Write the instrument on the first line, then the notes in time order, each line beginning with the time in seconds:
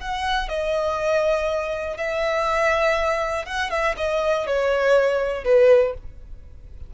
violin
0.00 F#5
0.48 D#5
1.97 E5
3.45 F#5
3.70 E5
3.97 D#5
4.47 C#5
5.44 B4